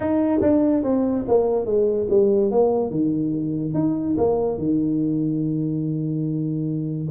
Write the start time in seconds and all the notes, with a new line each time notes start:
0.00 D#4
0.41 D4
0.83 C4
1.28 A#3
1.65 G#3
2.09 G3
2.51 A#3
2.90 D#3
3.74 D#4
4.17 A#3
4.58 D#3